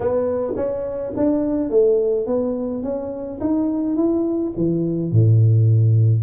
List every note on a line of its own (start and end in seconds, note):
0.00 0.53 B3
0.56 1.12 C#4
1.16 1.70 D4
1.70 2.26 A3
2.26 2.83 B3
2.83 3.39 C#4
3.40 3.96 D#4
3.96 4.52 E4
4.56 5.11 E3
5.11 6.22 A2